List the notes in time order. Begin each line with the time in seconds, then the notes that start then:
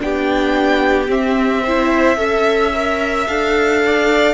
0.00 B3 D4 G4 G5
1.07 C4 E5
1.63 E4 C5
2.17 C#4 A4 E5
2.74 A#4
3.27 D4 A4 F5
3.85 D5